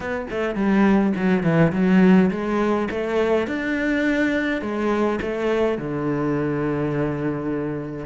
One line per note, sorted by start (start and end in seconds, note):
0.00 0.26 B3
0.30 0.55 A3
0.55 1.12 G3
1.16 1.43 F#3
1.43 1.72 E3
1.72 2.30 F#3
2.31 2.88 G#3
2.90 3.47 A3
3.47 4.61 D4
4.61 5.19 G#3
5.21 5.78 A3
5.78 8.05 D3